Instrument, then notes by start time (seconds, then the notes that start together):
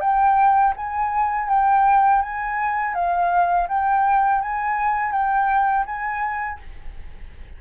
flute
0.00 G5
0.76 G#5
1.48 G5
2.22 G#5
2.94 F5
3.68 G5
4.41 G#5
5.12 G5
5.86 G#5